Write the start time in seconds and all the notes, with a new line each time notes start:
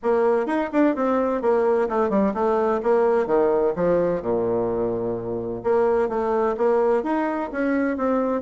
0.02 A#3
0.46 D#4
0.72 D4
0.95 C4
1.41 A#3
1.89 A3
2.09 G3
2.34 A3
2.83 A#3
3.26 D#3
3.75 F3
4.22 A#2
5.63 A#3
6.08 A3
6.57 A#3
7.03 D#4
7.51 C#4
7.97 C4